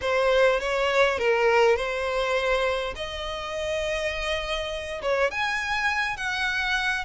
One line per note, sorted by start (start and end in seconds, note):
0.01 0.60 C5
0.60 1.18 C#5
1.18 1.76 A#4
1.76 2.94 C5
2.95 5.01 D#5
5.02 5.30 C#5
5.30 6.16 G#5
6.16 7.05 F#5